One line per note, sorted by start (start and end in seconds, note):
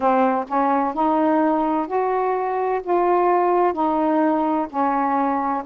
0.00 0.45 C4
0.47 0.94 C#4
0.94 1.87 D#4
1.87 2.81 F#4
2.83 3.73 F4
3.73 4.67 D#4
4.69 5.63 C#4